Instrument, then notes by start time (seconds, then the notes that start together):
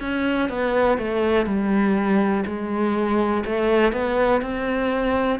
cello
0.00 C#4
0.49 B3
0.98 A3
1.46 G3
2.46 G#3
3.45 A3
3.93 B3
4.42 C4